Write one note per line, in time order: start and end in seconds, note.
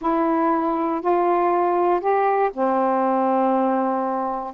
0.01 1.01 E4
1.01 2.00 F4
2.00 2.50 G4
2.53 4.53 C4